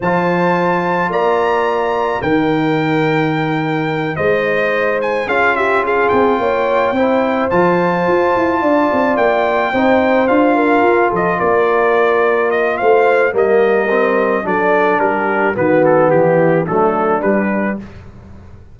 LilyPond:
<<
  \new Staff \with { instrumentName = "trumpet" } { \time 4/4 \tempo 4 = 108 a''2 ais''2 | g''2.~ g''8 dis''8~ | dis''4 gis''8 f''8 e''8 f''8 g''4~ | g''4. a''2~ a''8~ |
a''8 g''2 f''4. | dis''8 d''2 dis''8 f''4 | dis''2 d''4 ais'4 | b'8 a'8 g'4 a'4 b'4 | }
  \new Staff \with { instrumentName = "horn" } { \time 4/4 c''2 d''2 | ais'2.~ ais'8 c''8~ | c''4. gis'8 g'8 gis'4 cis''8~ | cis''8 c''2. d''8~ |
d''4. c''4. ais'4 | a'8 ais'2~ ais'8 c''4 | ais'2 a'4 g'4 | fis'4 e'4 d'2 | }
  \new Staff \with { instrumentName = "trombone" } { \time 4/4 f'1 | dis'1~ | dis'4. f'2~ f'8~ | f'8 e'4 f'2~ f'8~ |
f'4. dis'4 f'4.~ | f'1 | ais4 c'4 d'2 | b2 a4 g4 | }
  \new Staff \with { instrumentName = "tuba" } { \time 4/4 f2 ais2 | dis2.~ dis8 gis8~ | gis4. cis'4. c'8 ais8~ | ais8 c'4 f4 f'8 e'8 d'8 |
c'8 ais4 c'4 d'4 f'8 | f8 ais2~ ais8 a4 | g2 fis4 g4 | dis4 e4 fis4 g4 | }
>>